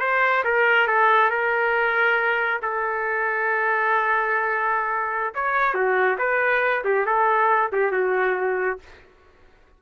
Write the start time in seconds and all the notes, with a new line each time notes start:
0.00 C5
0.44 A#4
0.88 A4
1.30 A#4
2.62 A4
5.34 C#5
5.74 F#4
6.18 B4
6.84 G4
7.06 A4
7.72 G4
7.92 F#4